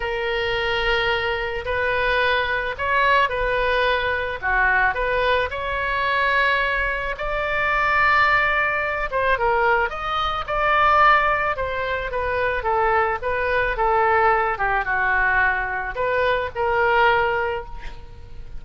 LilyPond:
\new Staff \with { instrumentName = "oboe" } { \time 4/4 \tempo 4 = 109 ais'2. b'4~ | b'4 cis''4 b'2 | fis'4 b'4 cis''2~ | cis''4 d''2.~ |
d''8 c''8 ais'4 dis''4 d''4~ | d''4 c''4 b'4 a'4 | b'4 a'4. g'8 fis'4~ | fis'4 b'4 ais'2 | }